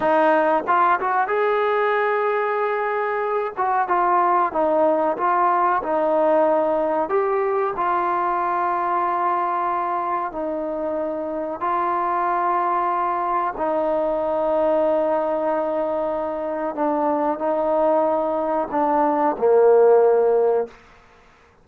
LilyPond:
\new Staff \with { instrumentName = "trombone" } { \time 4/4 \tempo 4 = 93 dis'4 f'8 fis'8 gis'2~ | gis'4. fis'8 f'4 dis'4 | f'4 dis'2 g'4 | f'1 |
dis'2 f'2~ | f'4 dis'2.~ | dis'2 d'4 dis'4~ | dis'4 d'4 ais2 | }